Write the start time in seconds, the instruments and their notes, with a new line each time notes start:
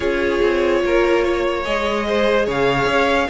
0.00 cello C#4, viola F4, violin G#4 C#5
0.42 cello C4
0.84 cello A#3, violin A#4
1.24 violin C#5
1.64 cello G#3, viola G#4, violin D#5
2.07 violin C5
2.45 cello C#3, violin C#5 F5
2.86 cello C#4